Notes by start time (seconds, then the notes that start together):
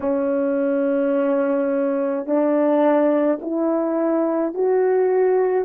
0.00 C#4
2.26 D4
3.41 E4
4.54 F#4